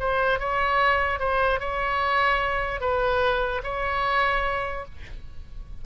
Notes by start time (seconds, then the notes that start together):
0.00 C5
0.40 C#5
1.20 C5
1.60 C#5
2.81 B4
3.64 C#5